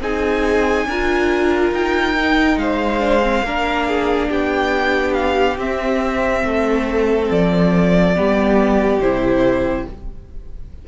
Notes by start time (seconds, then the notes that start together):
0.00 C4 D#4 G#4 G#5
0.86 D4 F4 A#4
1.71 D#4 G5
2.16 D#4
2.56 G#3 C5 F5
2.99 D4
3.22 C4
3.43 A#3 D4 A#4
3.88 G#4
4.29 B3 G4 G5
5.13 F5
5.57 C4 E5
6.44 A3 A4
7.31 F3 D5
8.15 G3 B3 G4
8.99 C3 E4 C5